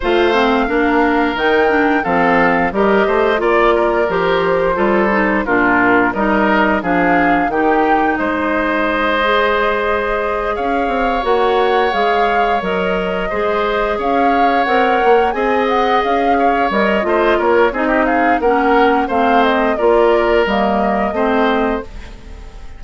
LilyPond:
<<
  \new Staff \with { instrumentName = "flute" } { \time 4/4 \tempo 4 = 88 f''2 g''4 f''4 | dis''4 d''4 c''2 | ais'4 dis''4 f''4 g''4 | dis''2.~ dis''8 f''8~ |
f''8 fis''4 f''4 dis''4.~ | dis''8 f''4 fis''4 gis''8 fis''8 f''8~ | f''8 dis''4 cis''8 dis''8 f''8 fis''4 | f''8 dis''8 d''4 dis''2 | }
  \new Staff \with { instrumentName = "oboe" } { \time 4/4 c''4 ais'2 a'4 | ais'8 c''8 d''8 ais'4. a'4 | f'4 ais'4 gis'4 g'4 | c''2.~ c''8 cis''8~ |
cis''2.~ cis''8 c''8~ | c''8 cis''2 dis''4. | cis''4 c''8 ais'8 gis'16 g'16 gis'8 ais'4 | c''4 ais'2 c''4 | }
  \new Staff \with { instrumentName = "clarinet" } { \time 4/4 f'8 c'8 d'4 dis'8 d'8 c'4 | g'4 f'4 g'4 f'8 dis'8 | d'4 dis'4 d'4 dis'4~ | dis'4. gis'2~ gis'8~ |
gis'8 fis'4 gis'4 ais'4 gis'8~ | gis'4. ais'4 gis'4.~ | gis'8 ais'8 f'4 dis'4 cis'4 | c'4 f'4 ais4 c'4 | }
  \new Staff \with { instrumentName = "bassoon" } { \time 4/4 a4 ais4 dis4 f4 | g8 a8 ais4 f4 g4 | ais,4 g4 f4 dis4 | gis2.~ gis8 cis'8 |
c'8 ais4 gis4 fis4 gis8~ | gis8 cis'4 c'8 ais8 c'4 cis'8~ | cis'8 g8 a8 ais8 c'4 ais4 | a4 ais4 g4 a4 | }
>>